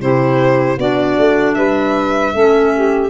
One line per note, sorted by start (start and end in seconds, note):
0.00 0.77 C3
0.00 0.78 E4
0.00 0.77 G4
0.00 0.79 C5
0.77 1.16 B3
0.77 2.34 D4
0.77 1.55 F#4
0.77 1.54 D5
1.17 1.56 A3
1.54 2.33 G3
1.54 2.33 B4
1.54 3.10 E5
2.33 3.10 A3
2.33 3.10 C#4
2.33 2.72 A4
2.75 3.10 G4